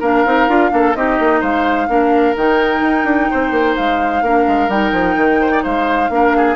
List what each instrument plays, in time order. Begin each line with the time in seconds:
0.00 bassoon A#3, clarinet D4, oboe A#4, flute F5
0.25 bassoon C4, clarinet D#4
0.49 bassoon D4, clarinet F4
0.70 bassoon A#3, clarinet D4, oboe A4
0.95 bassoon C4, clarinet D#4, oboe G4, flute D#5
1.20 bassoon A#3
1.41 bassoon G#3, oboe C5, flute F5
1.88 bassoon A#3, clarinet D4, oboe A#4
2.37 bassoon D#3, clarinet D#4, flute G5
2.81 bassoon D#4
3.05 bassoon D4
3.31 bassoon C4, oboe C5
3.51 bassoon A#3
3.77 bassoon G#3, flute F5
4.22 bassoon A#3, clarinet D4, oboe A#4
4.48 bassoon G#3
4.69 bassoon G3, clarinet D#4, flute G5
4.92 bassoon F3
5.16 bassoon D#3
5.41 oboe C5
5.52 oboe D5
5.63 bassoon G#3, oboe C5, flute F5
6.10 bassoon A#3, clarinet D4, oboe A#4
6.37 oboe G#4